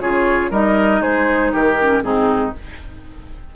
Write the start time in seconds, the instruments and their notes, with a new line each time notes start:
0.00 bassoon C#3, clarinet F4, oboe G#4, flute C#5
0.50 bassoon G3, clarinet D#4, oboe A#4, flute D#5
1.01 bassoon G#3, oboe G#4, flute C5
1.52 bassoon D#3, oboe G4, flute A#4
1.80 clarinet C#4
2.02 bassoon G#2, clarinet C4, oboe D#4, flute G#4